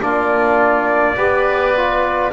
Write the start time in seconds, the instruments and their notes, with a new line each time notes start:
0.00 double bass A#3, trombone D4, oboe F4, trumpet D5
1.17 double bass B3, trombone G4, oboe B4
1.77 trombone F4